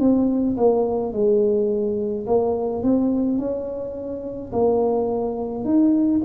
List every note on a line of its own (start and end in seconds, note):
0.00 0.57 C4
0.57 1.13 A#3
1.13 2.26 G#3
2.26 2.83 A#3
2.83 3.39 C4
3.39 4.52 C#4
4.53 5.64 A#3
5.64 6.21 D#4